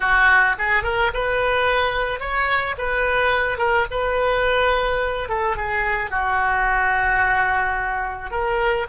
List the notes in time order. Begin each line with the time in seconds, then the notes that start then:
0.00 F#4
0.58 G#4
0.83 A#4
1.13 B4
2.19 C#5
2.78 B4
3.58 A#4
3.90 B4
5.28 A4
5.56 G#4
6.10 F#4
8.31 A#4